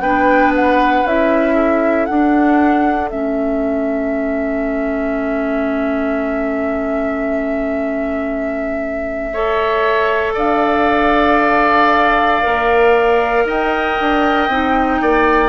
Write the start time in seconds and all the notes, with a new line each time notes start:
0.00 B3 D4 B4 G5
0.55 F#5
1.04 C#4 E4 E5
1.55 A4
2.06 D4 F#5
3.10 A3 C#4 E5
9.33 A4 C#5
10.34 D4 D5 F5
12.43 A#3 A#4
13.45 D#4 D#5 G5
14.00 D4
14.48 C4 D#4
15.02 A#3 D5